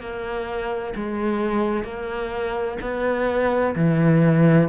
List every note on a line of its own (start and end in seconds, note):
0.00 0.94 A#3
0.95 1.84 G#3
1.84 2.77 A#3
2.81 3.75 B3
3.75 4.68 E3